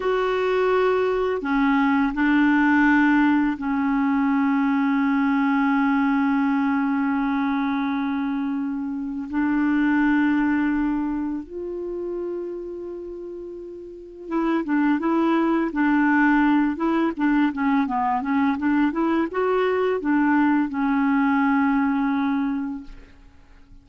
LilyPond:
\new Staff \with { instrumentName = "clarinet" } { \time 4/4 \tempo 4 = 84 fis'2 cis'4 d'4~ | d'4 cis'2.~ | cis'1~ | cis'4 d'2. |
f'1 | e'8 d'8 e'4 d'4. e'8 | d'8 cis'8 b8 cis'8 d'8 e'8 fis'4 | d'4 cis'2. | }